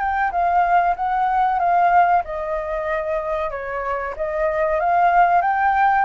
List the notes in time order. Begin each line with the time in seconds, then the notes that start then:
0.00 G5
0.32 F5
0.96 F#5
1.60 F5
2.25 D#5
3.51 C#5
4.17 D#5
4.81 F5
5.42 G5